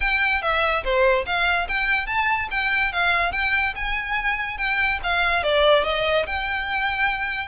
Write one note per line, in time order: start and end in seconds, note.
0.00 0.41 G5
0.41 0.83 E5
0.84 1.25 C5
1.25 1.67 F5
1.68 2.06 G5
2.06 2.48 A5
2.50 2.92 G5
2.92 3.32 F5
3.32 3.73 G5
3.75 4.57 G#5
4.57 4.99 G5
5.03 5.43 F5
5.43 5.84 D5
5.84 6.25 D#5
6.26 7.48 G5